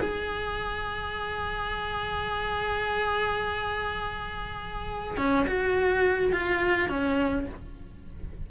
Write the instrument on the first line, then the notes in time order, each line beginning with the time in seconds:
cello
0.00 G#4
5.17 C#4
5.47 F#4
6.33 F4
6.89 C#4